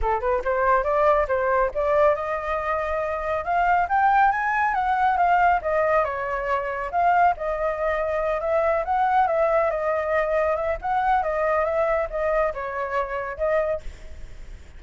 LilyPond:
\new Staff \with { instrumentName = "flute" } { \time 4/4 \tempo 4 = 139 a'8 b'8 c''4 d''4 c''4 | d''4 dis''2. | f''4 g''4 gis''4 fis''4 | f''4 dis''4 cis''2 |
f''4 dis''2~ dis''8 e''8~ | e''8 fis''4 e''4 dis''4.~ | dis''8 e''8 fis''4 dis''4 e''4 | dis''4 cis''2 dis''4 | }